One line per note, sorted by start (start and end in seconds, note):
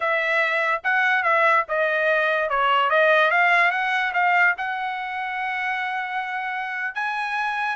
0.00 0.81 E5
0.83 1.23 F#5
1.23 1.64 E5
1.68 2.49 D#5
2.49 2.90 C#5
2.90 3.30 D#5
3.30 3.71 F5
3.71 4.12 F#5
4.13 4.54 F5
4.57 6.95 F#5
6.95 7.75 G#5